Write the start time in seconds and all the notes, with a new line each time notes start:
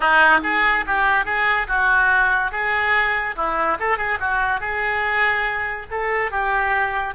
0.00 D#4
0.43 G#4
0.86 G4
1.25 G#4
1.67 F#4
2.51 G#4
3.35 E4
3.79 A4
3.97 G#4
4.20 F#4
4.60 G#4
5.90 A4
6.31 G4